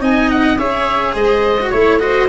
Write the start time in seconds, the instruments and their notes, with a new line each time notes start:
0.00 tuba C4, cello D#4, viola D#5, oboe G#5
0.30 oboe F#5
0.57 tuba C#4, cello G#4, viola C#5, oboe E5
1.13 tuba G#3, viola C5, oboe D#5
1.60 cello F#4
1.70 tuba A3, cello E4, oboe C#5, viola C#5
1.99 cello F#4, viola C5, oboe D#5